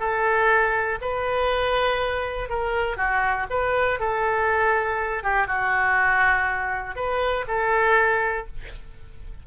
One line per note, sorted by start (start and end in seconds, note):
0.00 0.99 A4
1.02 2.50 B4
2.50 2.98 A#4
2.98 3.47 F#4
3.51 4.00 B4
4.00 5.24 A4
5.24 5.48 G4
5.48 6.96 F#4
6.96 7.46 B4
7.48 8.47 A4